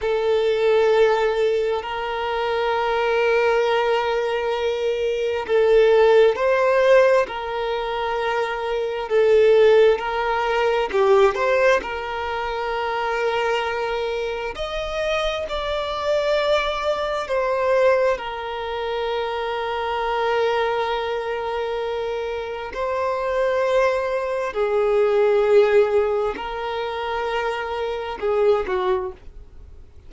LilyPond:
\new Staff \with { instrumentName = "violin" } { \time 4/4 \tempo 4 = 66 a'2 ais'2~ | ais'2 a'4 c''4 | ais'2 a'4 ais'4 | g'8 c''8 ais'2. |
dis''4 d''2 c''4 | ais'1~ | ais'4 c''2 gis'4~ | gis'4 ais'2 gis'8 fis'8 | }